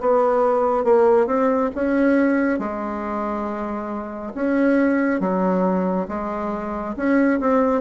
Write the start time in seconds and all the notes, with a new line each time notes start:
0.00 B3
0.84 A#3
1.26 C4
1.75 C#4
2.59 G#3
4.34 C#4
5.20 F#3
6.08 G#3
6.96 C#4
7.40 C4